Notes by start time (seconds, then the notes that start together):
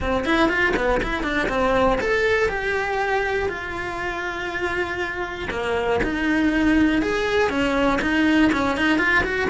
0.00 C4
0.25 E4
0.48 F4
0.76 B3
1.02 E4
1.23 D4
1.48 C4
2.00 A4
2.49 G4
3.49 F4
5.50 A#3
6.02 D#4
7.02 G#4
7.49 C#4
8.01 D#4
8.52 C#4
8.76 D#4
8.98 F4
9.24 F#4